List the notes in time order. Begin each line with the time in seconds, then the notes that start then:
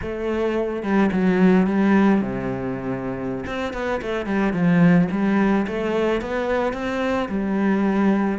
0.01 A3
0.82 G3
1.12 F#3
1.67 G3
2.21 C3
3.46 C4
3.73 B3
4.01 A3
4.26 G3
4.53 F3
5.11 G3
5.67 A3
6.21 B3
6.73 C4
7.28 G3